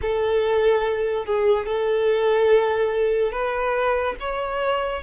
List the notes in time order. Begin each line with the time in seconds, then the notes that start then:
0.02 A4
1.25 G#4
1.66 A4
3.31 B4
4.20 C#5